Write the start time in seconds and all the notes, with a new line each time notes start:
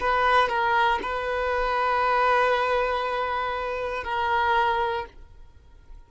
0.00 B4
0.49 A#4
1.02 B4
4.04 A#4